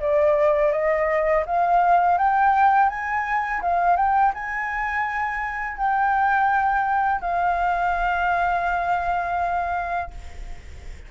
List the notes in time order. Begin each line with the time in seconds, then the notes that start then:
0.00 D5
0.72 D#5
1.46 F5
2.18 G5
2.89 G#5
3.61 F5
3.96 G5
4.34 G#5
5.77 G5
7.21 F5